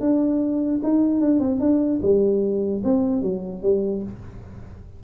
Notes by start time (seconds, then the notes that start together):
0.00 D4
0.83 D#4
1.20 D4
1.39 C4
1.60 D4
2.02 G3
2.84 C4
3.22 F#3
3.62 G3